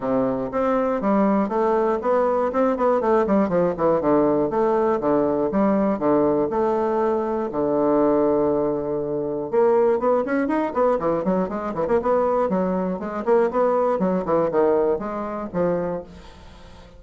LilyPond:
\new Staff \with { instrumentName = "bassoon" } { \time 4/4 \tempo 4 = 120 c4 c'4 g4 a4 | b4 c'8 b8 a8 g8 f8 e8 | d4 a4 d4 g4 | d4 a2 d4~ |
d2. ais4 | b8 cis'8 dis'8 b8 e8 fis8 gis8 e16 ais16 | b4 fis4 gis8 ais8 b4 | fis8 e8 dis4 gis4 f4 | }